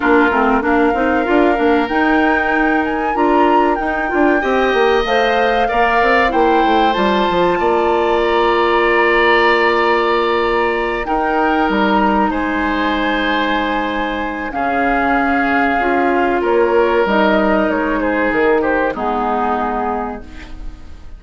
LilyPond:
<<
  \new Staff \with { instrumentName = "flute" } { \time 4/4 \tempo 4 = 95 ais'4 f''2 g''4~ | g''8 gis''8 ais''4 g''2 | f''2 g''4 a''4~ | a''4 ais''2.~ |
ais''4. g''4 ais''4 gis''8~ | gis''2. f''4~ | f''2 cis''4 dis''4 | cis''8 c''8 ais'8 c''8 gis'2 | }
  \new Staff \with { instrumentName = "oboe" } { \time 4/4 f'4 ais'2.~ | ais'2. dis''4~ | dis''4 d''4 c''2 | d''1~ |
d''4. ais'2 c''8~ | c''2. gis'4~ | gis'2 ais'2~ | ais'8 gis'4 g'8 dis'2 | }
  \new Staff \with { instrumentName = "clarinet" } { \time 4/4 d'8 c'8 d'8 dis'8 f'8 d'8 dis'4~ | dis'4 f'4 dis'8 f'8 g'4 | c''4 ais'4 e'4 f'4~ | f'1~ |
f'4. dis'2~ dis'8~ | dis'2. cis'4~ | cis'4 f'2 dis'4~ | dis'2 b2 | }
  \new Staff \with { instrumentName = "bassoon" } { \time 4/4 ais8 a8 ais8 c'8 d'8 ais8 dis'4~ | dis'4 d'4 dis'8 d'8 c'8 ais8 | a4 ais8 c'8 ais8 a8 g8 f8 | ais1~ |
ais4. dis'4 g4 gis8~ | gis2. cis4~ | cis4 cis'4 ais4 g4 | gis4 dis4 gis2 | }
>>